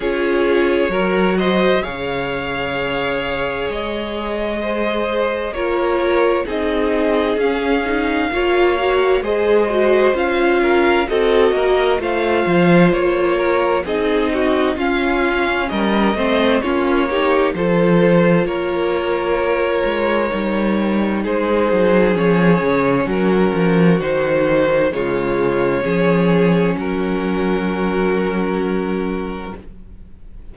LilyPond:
<<
  \new Staff \with { instrumentName = "violin" } { \time 4/4 \tempo 4 = 65 cis''4. dis''8 f''2 | dis''2 cis''4 dis''4 | f''2 dis''4 f''4 | dis''4 f''4 cis''4 dis''4 |
f''4 dis''4 cis''4 c''4 | cis''2. c''4 | cis''4 ais'4 c''4 cis''4~ | cis''4 ais'2. | }
  \new Staff \with { instrumentName = "violin" } { \time 4/4 gis'4 ais'8 c''8 cis''2~ | cis''4 c''4 ais'4 gis'4~ | gis'4 cis''4 c''4. ais'8 | a'8 ais'8 c''4. ais'8 gis'8 fis'8 |
f'4 ais'8 c''8 f'8 g'8 a'4 | ais'2. gis'4~ | gis'4 fis'2 f'4 | gis'4 fis'2. | }
  \new Staff \with { instrumentName = "viola" } { \time 4/4 f'4 fis'4 gis'2~ | gis'2 f'4 dis'4 | cis'8 dis'8 f'8 fis'8 gis'8 fis'8 f'4 | fis'4 f'2 dis'4 |
cis'4. c'8 cis'8 dis'8 f'4~ | f'2 dis'2 | cis'2 dis'4 gis4 | cis'1 | }
  \new Staff \with { instrumentName = "cello" } { \time 4/4 cis'4 fis4 cis2 | gis2 ais4 c'4 | cis'4 ais4 gis4 cis'4 | c'8 ais8 a8 f8 ais4 c'4 |
cis'4 g8 a8 ais4 f4 | ais4. gis8 g4 gis8 fis8 | f8 cis8 fis8 f8 dis4 cis4 | f4 fis2. | }
>>